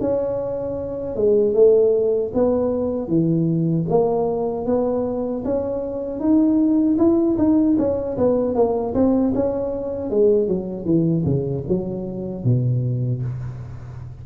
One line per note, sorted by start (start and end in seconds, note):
0.00 1.15 C#4
1.15 1.54 G#3
1.54 2.32 A3
2.34 3.08 B3
3.08 3.86 E3
3.89 4.66 A#3
4.66 5.44 B3
5.44 6.20 C#4
6.20 6.97 D#4
6.98 7.37 E4
7.38 7.77 D#4
7.78 8.17 C#4
8.17 8.55 B3
8.55 8.94 A#3
8.94 9.33 C4
9.35 10.10 C#4
10.10 10.48 G#3
10.48 10.85 F#3
10.85 11.24 E3
11.25 11.64 C#3
11.68 12.44 F#3
12.44 13.22 B2